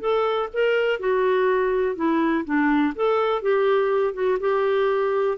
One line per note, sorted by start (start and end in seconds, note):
0.00 0.49 A4
0.53 1.00 A#4
1.00 1.96 F#4
1.96 2.45 E4
2.45 2.94 D4
2.95 3.42 A4
3.42 4.14 G4
4.14 4.38 F#4
4.40 5.38 G4